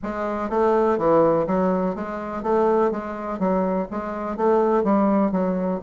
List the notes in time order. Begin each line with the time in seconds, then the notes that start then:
0.02 G#3
0.49 A3
0.97 E3
1.46 F#3
1.95 G#3
2.43 A3
2.91 G#3
3.39 F#3
3.91 G#3
4.37 A3
4.83 G3
5.31 F#3